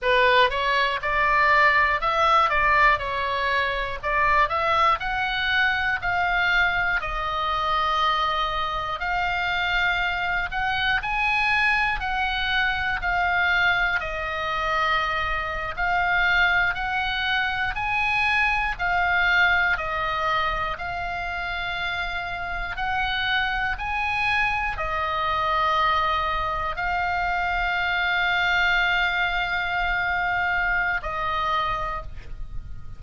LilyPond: \new Staff \with { instrumentName = "oboe" } { \time 4/4 \tempo 4 = 60 b'8 cis''8 d''4 e''8 d''8 cis''4 | d''8 e''8 fis''4 f''4 dis''4~ | dis''4 f''4. fis''8 gis''4 | fis''4 f''4 dis''4.~ dis''16 f''16~ |
f''8. fis''4 gis''4 f''4 dis''16~ | dis''8. f''2 fis''4 gis''16~ | gis''8. dis''2 f''4~ f''16~ | f''2. dis''4 | }